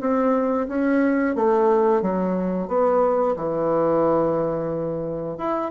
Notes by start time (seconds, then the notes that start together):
0.00 C4
0.68 C#4
1.35 A3
2.02 F#3
2.68 B3
3.36 E3
5.38 E4